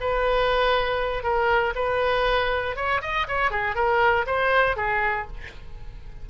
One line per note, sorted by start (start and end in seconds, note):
0.00 1.23 B4
1.23 1.73 A#4
1.75 2.75 B4
2.75 3.01 C#5
3.01 3.26 D#5
3.28 3.51 C#5
3.51 3.75 G#4
3.75 4.25 A#4
4.26 4.76 C5
4.76 5.27 G#4